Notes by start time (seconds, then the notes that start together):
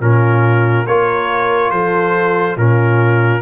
0.00 A#2 C#4 F4 A#4
0.86 A#3 F4 A#4 C#5
1.70 F3 A4 C5
2.56 A#2 C#4 F4 A#4